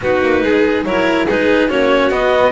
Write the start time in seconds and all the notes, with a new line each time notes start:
0.01 B3 D#4 F#4 B4
0.21 A#3
0.42 G#3 G#4
0.84 F#3 E4 A#4 C#5
1.25 G#3 D#4 G#4 B4
1.69 A#3 C#4 F#4 C#5
2.10 B3 D#5